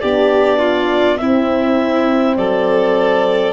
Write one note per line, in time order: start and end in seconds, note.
0.00 1.20 B3
0.00 1.19 D4
0.00 0.58 G4
0.00 1.17 D5
0.58 1.17 F4
1.17 3.53 C4
1.17 2.37 C4
1.17 2.37 E4
1.17 2.35 E5
2.37 3.53 F#3
2.37 3.53 A4
2.37 3.53 D5